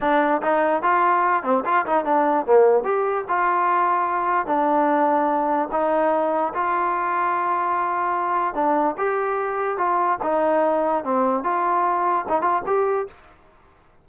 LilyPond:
\new Staff \with { instrumentName = "trombone" } { \time 4/4 \tempo 4 = 147 d'4 dis'4 f'4. c'8 | f'8 dis'8 d'4 ais4 g'4 | f'2. d'4~ | d'2 dis'2 |
f'1~ | f'4 d'4 g'2 | f'4 dis'2 c'4 | f'2 dis'8 f'8 g'4 | }